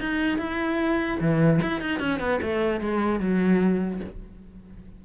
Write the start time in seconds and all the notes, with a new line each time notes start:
0.00 D#4
0.38 E4
1.20 E3
1.62 E4
1.81 D#4
2.00 C#4
2.20 B3
2.42 A3
2.80 G#3
3.20 F#3